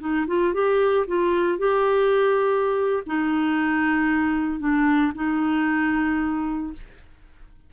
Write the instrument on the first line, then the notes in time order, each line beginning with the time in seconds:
clarinet
0.00 D#4
0.27 F4
0.54 G4
1.07 F4
1.58 G4
3.06 D#4
4.60 D4
5.15 D#4